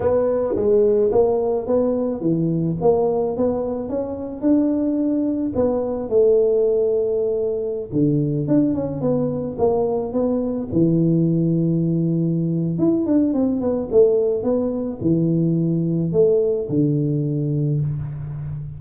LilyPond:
\new Staff \with { instrumentName = "tuba" } { \time 4/4 \tempo 4 = 108 b4 gis4 ais4 b4 | e4 ais4 b4 cis'4 | d'2 b4 a4~ | a2~ a16 d4 d'8 cis'16~ |
cis'16 b4 ais4 b4 e8.~ | e2. e'8 d'8 | c'8 b8 a4 b4 e4~ | e4 a4 d2 | }